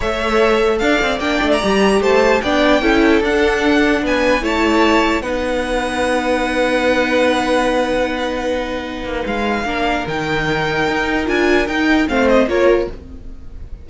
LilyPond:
<<
  \new Staff \with { instrumentName = "violin" } { \time 4/4 \tempo 4 = 149 e''2 f''4 g''8. ais''16~ | ais''4 a''4 g''2 | fis''2 gis''4 a''4~ | a''4 fis''2.~ |
fis''1~ | fis''2. f''4~ | f''4 g''2. | gis''4 g''4 f''8 dis''8 cis''4 | }
  \new Staff \with { instrumentName = "violin" } { \time 4/4 cis''2 d''2~ | d''4 c''4 d''4 a'4~ | a'2 b'4 cis''4~ | cis''4 b'2.~ |
b'1~ | b'1 | ais'1~ | ais'2 c''4 ais'4 | }
  \new Staff \with { instrumentName = "viola" } { \time 4/4 a'2. d'4 | g'2 d'4 e'4 | d'2. e'4~ | e'4 dis'2.~ |
dis'1~ | dis'1 | d'4 dis'2. | f'4 dis'4 c'4 f'4 | }
  \new Staff \with { instrumentName = "cello" } { \time 4/4 a2 d'8 c'8 ais8 a8 | g4 a4 b4 cis'4 | d'2 b4 a4~ | a4 b2.~ |
b1~ | b2~ b8 ais8 gis4 | ais4 dis2 dis'4 | d'4 dis'4 a4 ais4 | }
>>